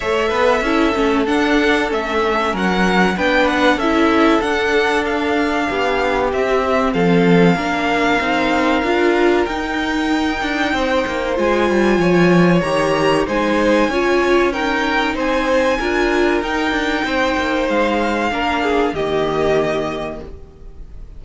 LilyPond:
<<
  \new Staff \with { instrumentName = "violin" } { \time 4/4 \tempo 4 = 95 e''2 fis''4 e''4 | fis''4 g''8 fis''8 e''4 fis''4 | f''2 e''4 f''4~ | f''2. g''4~ |
g''2 gis''2 | ais''4 gis''2 g''4 | gis''2 g''2 | f''2 dis''2 | }
  \new Staff \with { instrumentName = "violin" } { \time 4/4 cis''8 b'8 a'2. | ais'4 b'4 a'2~ | a'4 g'2 a'4 | ais'1~ |
ais'4 c''2 cis''4~ | cis''4 c''4 cis''4 ais'4 | c''4 ais'2 c''4~ | c''4 ais'8 gis'8 g'2 | }
  \new Staff \with { instrumentName = "viola" } { \time 4/4 a'4 e'8 cis'8 d'4 cis'4~ | cis'4 d'4 e'4 d'4~ | d'2 c'2 | d'4 dis'4 f'4 dis'4~ |
dis'2 f'2 | g'4 dis'4 f'4 dis'4~ | dis'4 f'4 dis'2~ | dis'4 d'4 ais2 | }
  \new Staff \with { instrumentName = "cello" } { \time 4/4 a8 b8 cis'8 a8 d'4 a4 | fis4 b4 cis'4 d'4~ | d'4 b4 c'4 f4 | ais4 c'4 d'4 dis'4~ |
dis'8 d'8 c'8 ais8 gis8 g8 f4 | dis4 gis4 cis'2 | c'4 d'4 dis'8 d'8 c'8 ais8 | gis4 ais4 dis2 | }
>>